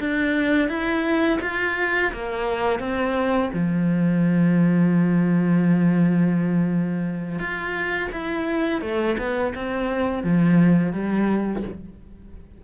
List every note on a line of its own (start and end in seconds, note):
0.00 0.69 D4
0.69 1.39 E4
1.41 2.12 F4
2.13 2.80 A#3
2.80 3.50 C4
3.54 7.39 F3
7.39 8.10 F4
8.12 8.82 E4
8.82 9.17 A3
9.18 9.54 B3
9.55 10.24 C4
10.24 10.93 F3
10.93 11.63 G3